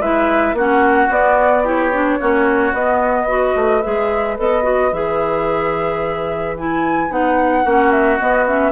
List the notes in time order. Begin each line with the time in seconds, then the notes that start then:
0.00 G#3 E4 B4 E5
0.54 A#3 C#4 F#4 F#5
1.10 B3 D5
1.64 E4 G4 C#5
1.94 D4
2.20 A#3 C#4 F#4
2.73 B3 D#5
3.27 F#4 B4
3.56 A3
3.83 G#3 G#4 E5
4.38 B3 A4 D#5
4.64 F#4
4.93 E3 G#4 E5
6.58 E4 G#5
7.10 B3 D#4 F#5
7.63 A#3 C#4 F#4
7.92 E5
8.20 B3 D#5
8.47 C#4 E5